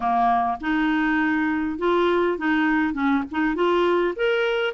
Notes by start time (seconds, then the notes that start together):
0.00 A#3
0.60 D#4
1.78 F4
2.38 D#4
2.93 C#4
3.31 D#4
3.55 F4
4.16 A#4